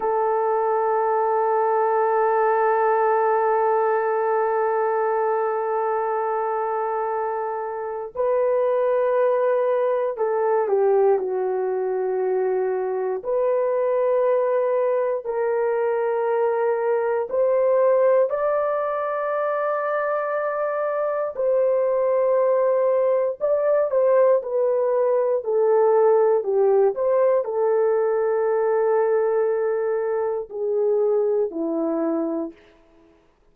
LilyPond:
\new Staff \with { instrumentName = "horn" } { \time 4/4 \tempo 4 = 59 a'1~ | a'1 | b'2 a'8 g'8 fis'4~ | fis'4 b'2 ais'4~ |
ais'4 c''4 d''2~ | d''4 c''2 d''8 c''8 | b'4 a'4 g'8 c''8 a'4~ | a'2 gis'4 e'4 | }